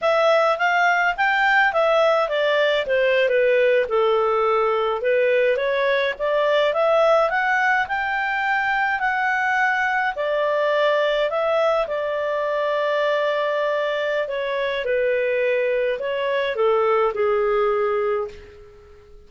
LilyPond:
\new Staff \with { instrumentName = "clarinet" } { \time 4/4 \tempo 4 = 105 e''4 f''4 g''4 e''4 | d''4 c''8. b'4 a'4~ a'16~ | a'8. b'4 cis''4 d''4 e''16~ | e''8. fis''4 g''2 fis''16~ |
fis''4.~ fis''16 d''2 e''16~ | e''8. d''2.~ d''16~ | d''4 cis''4 b'2 | cis''4 a'4 gis'2 | }